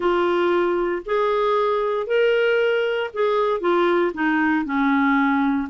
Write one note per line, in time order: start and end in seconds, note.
0.00 1.02 F4
1.05 2.07 G#4
2.07 3.10 A#4
3.13 3.60 G#4
3.60 4.12 F4
4.14 4.65 D#4
4.65 5.68 C#4